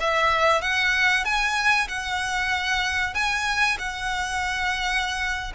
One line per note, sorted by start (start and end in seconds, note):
0.00 0.61 E5
0.61 1.24 F#5
1.24 1.87 G#5
1.88 3.14 F#5
3.14 3.77 G#5
3.78 5.52 F#5